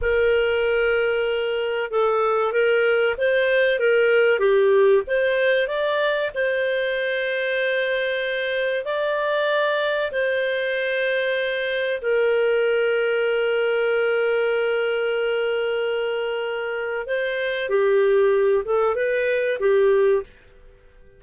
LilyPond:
\new Staff \with { instrumentName = "clarinet" } { \time 4/4 \tempo 4 = 95 ais'2. a'4 | ais'4 c''4 ais'4 g'4 | c''4 d''4 c''2~ | c''2 d''2 |
c''2. ais'4~ | ais'1~ | ais'2. c''4 | g'4. a'8 b'4 g'4 | }